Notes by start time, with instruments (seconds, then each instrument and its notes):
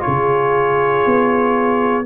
0.00 trombone F4, horn G#4, trumpet C#5
0.08 tuba C#3
1.06 tuba B3